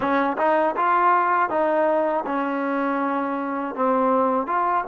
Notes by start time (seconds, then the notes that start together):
0.00 C#4
0.38 D#4
0.76 F4
1.49 D#4
2.26 C#4
3.75 C4
4.46 F4